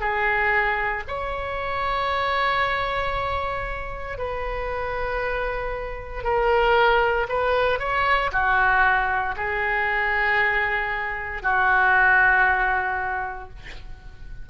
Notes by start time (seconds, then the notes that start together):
0.00 G#4
1.08 C#5
4.18 B4
6.24 A#4
7.29 B4
7.80 C#5
8.32 F#4
9.37 G#4
11.43 F#4